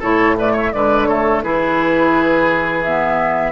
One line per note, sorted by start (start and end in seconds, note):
0.00 0.74 A2
0.00 0.38 E4
0.00 0.35 A4
0.00 0.38 C#5
0.38 0.73 A3
0.38 0.53 B4
0.38 0.57 D5
0.53 0.70 C#5
0.53 0.73 E5
0.73 1.44 D3
0.73 1.09 G#3
0.73 1.09 B4
0.73 1.06 D5
1.06 1.44 A3
1.06 1.44 A4
1.06 1.41 C#5
1.43 3.52 E3
1.43 2.85 E4
1.43 3.52 G#4
1.43 2.83 B4
2.83 3.52 B3
2.83 3.52 E5